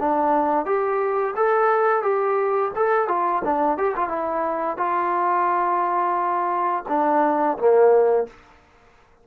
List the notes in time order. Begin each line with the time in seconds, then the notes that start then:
0.00 D4
0.66 G4
1.36 A4
2.03 G4
2.76 A4
3.08 F4
3.45 D4
3.78 G4
3.96 F4
4.09 E4
4.77 F4
6.89 D4
7.58 A#3